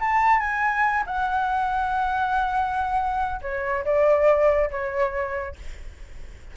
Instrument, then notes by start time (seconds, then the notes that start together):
flute
0.00 A5
0.40 G#5
1.06 F#5
3.42 C#5
3.85 D5
4.70 C#5